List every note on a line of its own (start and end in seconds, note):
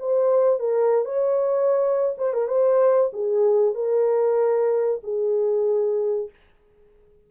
0.00 0.60 C5
0.60 1.06 A#4
1.06 2.16 C#5
2.18 2.34 C5
2.34 2.48 A#4
2.48 3.11 C5
3.14 3.75 G#4
3.75 5.02 A#4
5.04 6.30 G#4